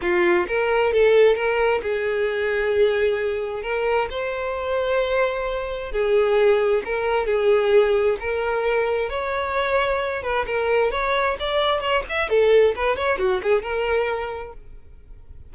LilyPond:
\new Staff \with { instrumentName = "violin" } { \time 4/4 \tempo 4 = 132 f'4 ais'4 a'4 ais'4 | gis'1 | ais'4 c''2.~ | c''4 gis'2 ais'4 |
gis'2 ais'2 | cis''2~ cis''8 b'8 ais'4 | cis''4 d''4 cis''8 e''8 a'4 | b'8 cis''8 fis'8 gis'8 ais'2 | }